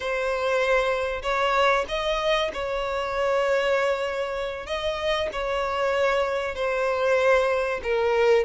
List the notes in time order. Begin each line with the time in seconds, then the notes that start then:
0.00 C5
1.22 C#5
1.88 D#5
2.53 C#5
4.66 D#5
5.32 C#5
6.55 C5
7.83 A#4